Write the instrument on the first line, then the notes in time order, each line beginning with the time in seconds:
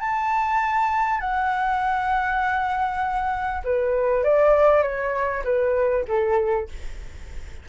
flute
0.00 A5
1.20 F#5
3.64 B4
4.24 D5
4.82 C#5
5.44 B4
6.08 A4